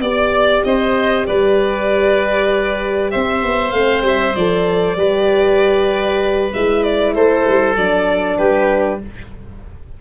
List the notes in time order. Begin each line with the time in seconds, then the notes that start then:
0.00 B3 G4 D5
0.64 C4 C5 D#5
1.26 G3 B4 D5
3.10 C4 C5 E5
3.42 B3
3.70 A3 C4 F5
4.01 G3 E5
4.35 F3 A4 D5
4.96 G3 G4 B4
6.53 G#3 E4 E5
6.83 D5
7.14 A3 A4 C5
7.46 G3
7.76 F#3 D4 D5
8.37 G3 G4 B4